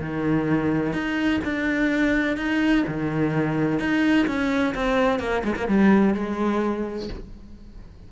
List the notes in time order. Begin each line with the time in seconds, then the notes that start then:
0.00 D#3
0.93 D#4
1.44 D4
2.37 D#4
2.87 D#3
3.79 D#4
4.27 C#4
4.74 C4
5.19 A#3
5.44 G#3
5.56 A#3
5.67 G3
6.14 G#3